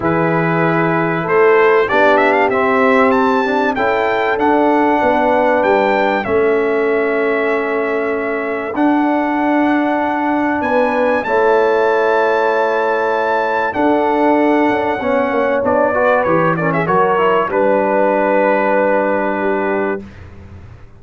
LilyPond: <<
  \new Staff \with { instrumentName = "trumpet" } { \time 4/4 \tempo 4 = 96 b'2 c''4 d''8 e''16 f''16 | e''4 a''4 g''4 fis''4~ | fis''4 g''4 e''2~ | e''2 fis''2~ |
fis''4 gis''4 a''2~ | a''2 fis''2~ | fis''4 d''4 cis''8 d''16 e''16 cis''4 | b'1 | }
  \new Staff \with { instrumentName = "horn" } { \time 4/4 gis'2 a'4 g'4~ | g'2 a'2 | b'2 a'2~ | a'1~ |
a'4 b'4 cis''2~ | cis''2 a'2 | cis''4. b'4 ais'16 gis'16 ais'4 | b'2. g'4 | }
  \new Staff \with { instrumentName = "trombone" } { \time 4/4 e'2. d'4 | c'4. d'8 e'4 d'4~ | d'2 cis'2~ | cis'2 d'2~ |
d'2 e'2~ | e'2 d'2 | cis'4 d'8 fis'8 g'8 cis'8 fis'8 e'8 | d'1 | }
  \new Staff \with { instrumentName = "tuba" } { \time 4/4 e2 a4 b4 | c'2 cis'4 d'4 | b4 g4 a2~ | a2 d'2~ |
d'4 b4 a2~ | a2 d'4. cis'8 | b8 ais8 b4 e4 fis4 | g1 | }
>>